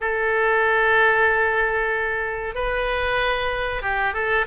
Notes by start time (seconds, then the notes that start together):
0.00 A4
2.54 B4
3.82 G4
4.13 A4